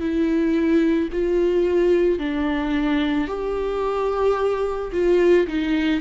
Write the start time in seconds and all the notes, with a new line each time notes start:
0.00 E4
1.13 F4
2.19 D4
3.28 G4
4.93 F4
5.47 D#4